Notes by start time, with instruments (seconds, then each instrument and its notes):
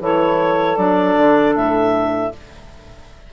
0.00 bassoon E3, clarinet E4 C#5, saxophone A4
0.77 bassoon F#3, clarinet D4 D5
1.17 bassoon D3
1.54 bassoon A2, clarinet E5